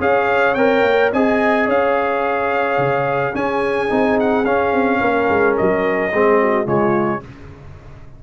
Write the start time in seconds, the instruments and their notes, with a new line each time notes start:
0.00 tuba C#4, trombone G#4, horn C#5, trumpet F5
0.55 tuba C4, trombone A#4, trumpet G5
0.82 tuba A#3
1.13 tuba C4, trombone G#4, horn D#5, trumpet G#5
1.67 tuba C#4, horn C#5, trumpet F5
2.78 tuba C#3
3.34 trombone C#4, tuba C#4, horn G#4, trumpet G#5
3.89 tuba C4, trombone D#4
4.20 trumpet F#5
4.45 tuba C#4, trombone C#4, trumpet F5
4.73 tuba C4
5.01 tuba A#3, horn A#4
5.29 tuba G#3
5.57 tuba F#3, trumpet D#5
6.12 tuba G#3, trombone C4, horn G#4
6.42 horn F#4
6.65 tuba C#3, trombone G#3, horn F4, trumpet C#5